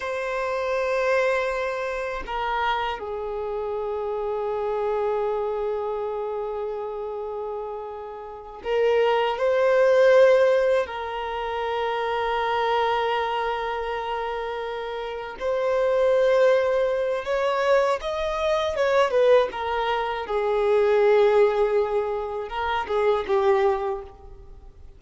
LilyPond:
\new Staff \with { instrumentName = "violin" } { \time 4/4 \tempo 4 = 80 c''2. ais'4 | gis'1~ | gis'2.~ gis'8 ais'8~ | ais'8 c''2 ais'4.~ |
ais'1~ | ais'8 c''2~ c''8 cis''4 | dis''4 cis''8 b'8 ais'4 gis'4~ | gis'2 ais'8 gis'8 g'4 | }